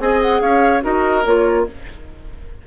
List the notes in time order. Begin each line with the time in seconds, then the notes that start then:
0.00 C4 G#4 D#5 G#5
0.22 F#5
0.42 C#4 C#5 F5
0.82 D#4 F#4 A#4 D#5
1.25 A#3 F4 C#5